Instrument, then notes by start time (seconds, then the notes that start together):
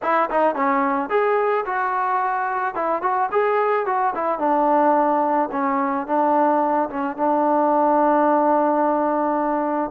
trombone
0.02 E4
0.30 D#4
0.55 C#4
1.09 G#4
1.65 F#4
2.74 E4
3.02 F#4
3.31 G#4
3.86 F#4
4.14 E4
4.39 D4
5.51 C#4
6.07 D4
6.89 C#4
7.17 D4